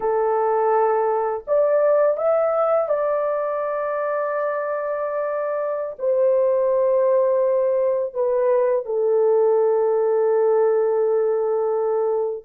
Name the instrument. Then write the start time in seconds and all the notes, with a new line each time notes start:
horn
0.00 A4
1.47 D5
2.17 E5
2.88 D5
5.98 C5
8.14 B4
8.86 A4